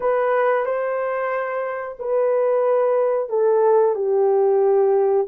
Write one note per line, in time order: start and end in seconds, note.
0.00 0.65 B4
0.65 1.97 C5
1.99 3.29 B4
3.29 3.95 A4
3.95 5.27 G4